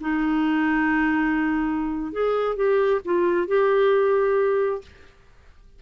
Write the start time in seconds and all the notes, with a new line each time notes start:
0.00 D#4
2.12 G#4
2.56 G4
3.04 F4
3.47 G4